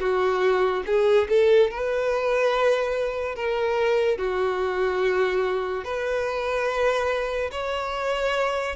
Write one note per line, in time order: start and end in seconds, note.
0.00 0.83 F#4
0.86 1.28 G#4
1.29 1.70 A4
1.70 3.36 B4
3.36 4.18 A#4
4.18 5.84 F#4
5.84 7.51 B4
7.52 8.75 C#5